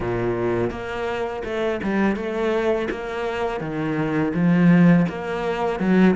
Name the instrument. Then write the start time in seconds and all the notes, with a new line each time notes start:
cello
0.00 A#2
0.70 A#3
1.44 A3
1.83 G3
2.16 A3
2.90 A#3
3.60 D#3
4.33 F3
5.08 A#3
5.79 F#3